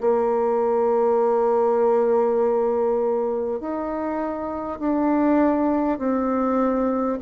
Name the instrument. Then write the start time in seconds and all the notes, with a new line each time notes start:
bassoon
0.00 A#3
3.60 D#4
4.79 D4
5.98 C4